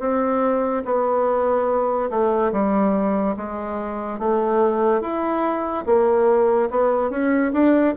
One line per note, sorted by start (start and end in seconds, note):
0.00 0.83 C4
0.85 2.10 B3
2.10 2.52 A3
2.52 3.36 G3
3.37 4.19 G#3
4.19 5.01 A3
5.01 5.84 E4
5.86 6.70 A#3
6.70 7.11 B3
7.11 7.52 C#4
7.53 7.95 D4